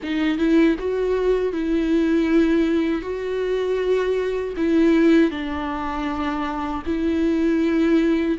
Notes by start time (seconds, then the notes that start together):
0.02 D#4
0.38 E4
0.78 F#4
1.52 E4
3.02 F#4
4.56 E4
5.30 D4
6.86 E4